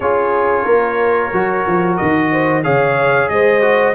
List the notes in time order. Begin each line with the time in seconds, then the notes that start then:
0.00 C#4 F4 G#4 C#5
0.64 A#3 A#4
1.32 F#3 F#4
1.66 F3
1.96 D#3 D#5
2.31 C5
2.63 C#3 G#4 C#5 F5
3.29 G#3 C5 D#5
3.61 F#4